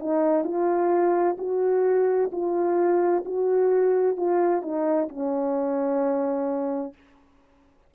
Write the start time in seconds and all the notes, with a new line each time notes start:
0.00 D#4
0.44 F4
1.38 F#4
2.32 F4
3.26 F#4
4.17 F4
4.62 D#4
5.09 C#4